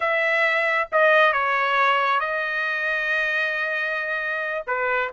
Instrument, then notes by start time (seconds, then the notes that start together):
trumpet
0.00 E5
0.92 D#5
1.32 C#5
2.20 D#5
4.66 B4